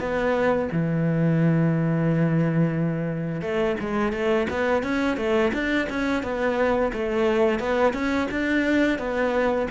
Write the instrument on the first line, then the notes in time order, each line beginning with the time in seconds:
cello
0.00 B3
0.73 E3
3.42 A3
3.81 G#3
4.13 A3
4.50 B3
4.84 C#4
5.18 A3
5.54 D4
5.90 C#4
6.24 B3
6.93 A3
7.60 B3
7.94 C#4
8.32 D4
8.99 B3